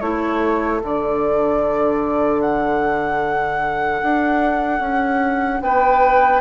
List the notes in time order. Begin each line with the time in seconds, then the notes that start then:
0.00 A3 E4 A4 C#5
0.81 D3 D4 D5
2.41 F#5
4.03 D4
4.80 C#4
5.62 B3 B4 G5